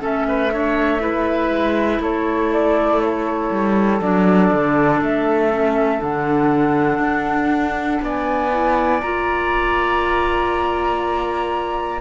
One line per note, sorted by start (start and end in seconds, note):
0.00 1.49 A3
0.00 0.50 C#4
0.00 0.26 A4
0.00 2.02 E5
0.28 0.53 B4
0.51 0.99 D4
0.51 1.01 C#5
0.99 3.99 E4
0.99 2.01 B4
1.49 1.99 G#3
2.00 3.50 A3
2.00 8.01 A4
2.00 2.52 C#5
2.52 3.00 D5
3.00 4.00 C#5
3.51 4.01 G3
4.01 4.51 F#3
4.01 5.50 D4
4.01 5.01 D5
4.53 5.01 D3
5.01 6.01 A3
5.01 6.01 E5
5.50 5.99 C#4
5.99 6.99 D3
5.99 8.49 D4
5.99 8.02 F#5
6.99 7.99 D4
8.01 9.01 B3
8.01 12.01 D5
8.01 9.01 G#5
8.51 9.01 E4
9.01 12.01 A#3
9.01 12.01 F4
9.01 12.01 A#5